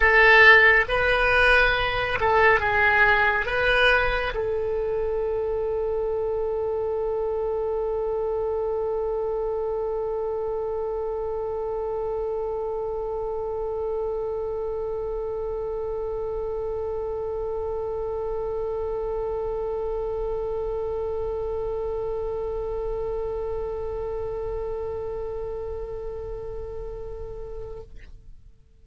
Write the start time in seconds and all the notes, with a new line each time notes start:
0.00 A4
0.88 B4
2.20 A4
2.60 G#4
3.45 B4
4.34 A4